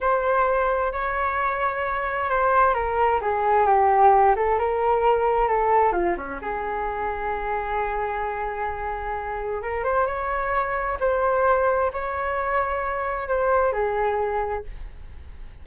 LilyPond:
\new Staff \with { instrumentName = "flute" } { \time 4/4 \tempo 4 = 131 c''2 cis''2~ | cis''4 c''4 ais'4 gis'4 | g'4. a'8 ais'2 | a'4 f'8 cis'8 gis'2~ |
gis'1~ | gis'4 ais'8 c''8 cis''2 | c''2 cis''2~ | cis''4 c''4 gis'2 | }